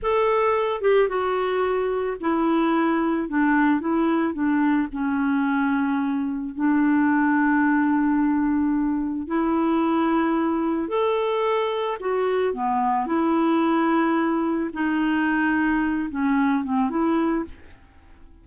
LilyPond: \new Staff \with { instrumentName = "clarinet" } { \time 4/4 \tempo 4 = 110 a'4. g'8 fis'2 | e'2 d'4 e'4 | d'4 cis'2. | d'1~ |
d'4 e'2. | a'2 fis'4 b4 | e'2. dis'4~ | dis'4. cis'4 c'8 e'4 | }